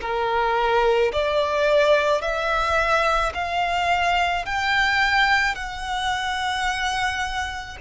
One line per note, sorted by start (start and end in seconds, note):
0.00 1.11 A#4
1.12 2.21 D5
2.21 3.32 E5
3.34 4.45 F5
4.45 5.55 G5
5.55 7.77 F#5